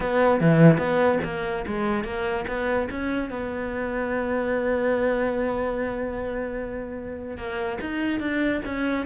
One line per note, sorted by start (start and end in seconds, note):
0.00 0.40 B3
0.40 0.78 E3
0.78 1.19 B3
1.23 1.65 A#3
1.66 2.03 G#3
2.03 2.45 A#3
2.47 2.88 B3
2.90 3.30 C#4
3.30 7.37 B3
7.37 7.78 A#3
7.80 8.19 D#4
8.19 8.61 D4
8.65 9.05 C#4